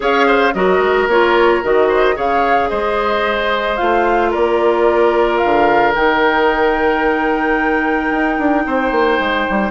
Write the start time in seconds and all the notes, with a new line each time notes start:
0.00 C#4 G#4 C#5 F5
0.26 C5
0.53 F#3 F#4 A#4 D#5
0.79 G#3
1.07 A#3 F4 C#5
1.63 D#3 F#4 D#5
1.88 C5
2.14 C#3 G#4 C#5 F5
2.68 G#3 C5 D#5
3.76 A3 F4 F5
4.30 A#3 A#4 D5
5.37 F5
5.43 D3
5.94 D#3 D#4 G5
8.10 D#4
8.38 D4
8.65 C4 C5
8.91 A#3
9.19 G#3
9.49 G3